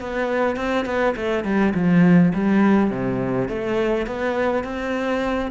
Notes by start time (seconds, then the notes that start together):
0.00 B3
0.56 C4
0.85 B3
1.16 A3
1.44 G3
1.74 F3
2.34 G3
2.90 C3
3.48 A3
4.06 B3
4.64 C4